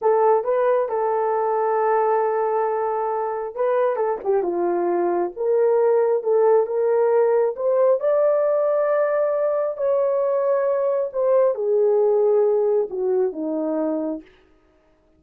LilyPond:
\new Staff \with { instrumentName = "horn" } { \time 4/4 \tempo 4 = 135 a'4 b'4 a'2~ | a'1 | b'4 a'8 g'8 f'2 | ais'2 a'4 ais'4~ |
ais'4 c''4 d''2~ | d''2 cis''2~ | cis''4 c''4 gis'2~ | gis'4 fis'4 dis'2 | }